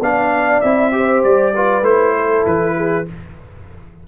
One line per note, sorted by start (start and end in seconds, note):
0.00 0.61 B3
0.00 0.64 D4
0.00 0.94 D5
0.00 0.61 F5
0.61 1.24 C4
0.61 0.92 E4
0.61 1.22 E5
0.92 1.53 G4
0.92 1.54 C5
1.24 1.82 G3
1.24 1.84 D5
1.54 1.83 F4
1.54 2.15 B4
1.82 2.43 A3
1.82 3.06 E4
1.82 2.46 C5
2.15 2.76 A4
2.46 3.07 E3
2.46 3.08 B4
2.76 3.07 G#4